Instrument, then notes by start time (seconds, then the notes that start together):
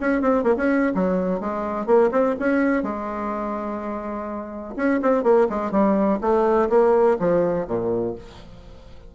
bassoon
0.00 C#4
0.21 C4
0.43 A#3
0.57 C#4
0.94 F#3
1.40 G#3
1.86 A#3
2.11 C4
2.39 C#4
2.83 G#3
4.76 C#4
5.02 C4
5.23 A#3
5.49 G#3
5.71 G3
6.21 A3
6.69 A#3
7.19 F3
7.67 A#2